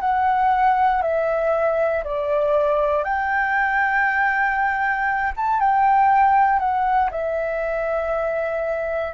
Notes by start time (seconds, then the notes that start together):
0.00 F#5
1.02 E5
2.03 D5
3.04 G5
5.36 A5
5.59 G5
6.59 F#5
7.10 E5